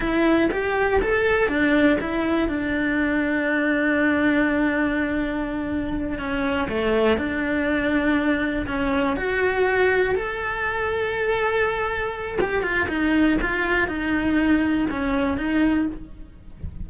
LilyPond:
\new Staff \with { instrumentName = "cello" } { \time 4/4 \tempo 4 = 121 e'4 g'4 a'4 d'4 | e'4 d'2.~ | d'1~ | d'8 cis'4 a4 d'4.~ |
d'4. cis'4 fis'4.~ | fis'8 a'2.~ a'8~ | a'4 g'8 f'8 dis'4 f'4 | dis'2 cis'4 dis'4 | }